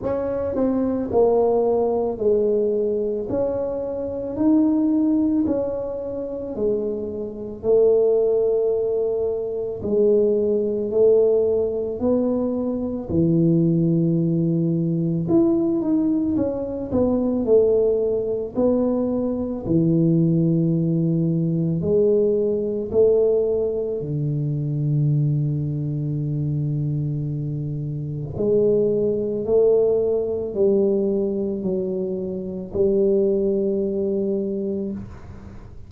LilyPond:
\new Staff \with { instrumentName = "tuba" } { \time 4/4 \tempo 4 = 55 cis'8 c'8 ais4 gis4 cis'4 | dis'4 cis'4 gis4 a4~ | a4 gis4 a4 b4 | e2 e'8 dis'8 cis'8 b8 |
a4 b4 e2 | gis4 a4 d2~ | d2 gis4 a4 | g4 fis4 g2 | }